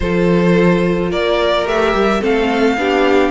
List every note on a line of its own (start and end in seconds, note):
0.00 1.11 F3
0.00 1.66 F4
0.00 1.11 A4
0.00 1.11 C5
1.11 1.65 A#3
1.11 2.20 A#4
1.11 1.67 D5
1.65 1.93 A3
1.65 2.20 G4
1.65 2.23 E5
1.95 2.22 G3
2.20 2.77 A3
2.20 2.76 C4
2.20 2.76 A4
2.20 3.30 F5
2.77 3.30 B3
2.77 3.30 D4
2.77 3.30 G4